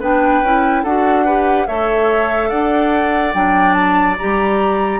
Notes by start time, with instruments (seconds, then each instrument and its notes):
0.00 bassoon B3, clarinet D4, oboe B4, flute G5
0.42 bassoon C#4, clarinet E4
0.84 bassoon D4, clarinet F#4, oboe A4, flute F#5
1.26 clarinet G4, oboe B4
1.67 bassoon A3, clarinet A4, oboe C#5, flute E5
2.50 bassoon D4, oboe D5, flute F#5
3.34 bassoon F#3, clarinet D4, flute G5
3.74 flute A5
4.18 bassoon G3, clarinet G4, flute A#5